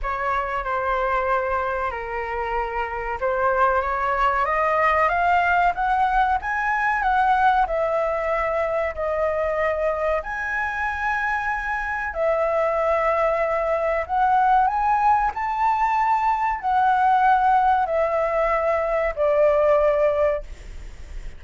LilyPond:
\new Staff \with { instrumentName = "flute" } { \time 4/4 \tempo 4 = 94 cis''4 c''2 ais'4~ | ais'4 c''4 cis''4 dis''4 | f''4 fis''4 gis''4 fis''4 | e''2 dis''2 |
gis''2. e''4~ | e''2 fis''4 gis''4 | a''2 fis''2 | e''2 d''2 | }